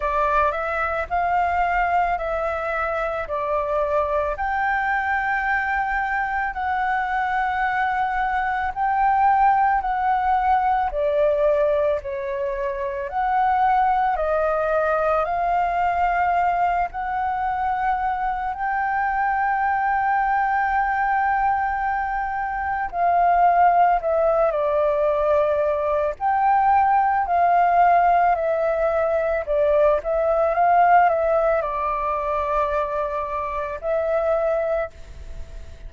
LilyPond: \new Staff \with { instrumentName = "flute" } { \time 4/4 \tempo 4 = 55 d''8 e''8 f''4 e''4 d''4 | g''2 fis''2 | g''4 fis''4 d''4 cis''4 | fis''4 dis''4 f''4. fis''8~ |
fis''4 g''2.~ | g''4 f''4 e''8 d''4. | g''4 f''4 e''4 d''8 e''8 | f''8 e''8 d''2 e''4 | }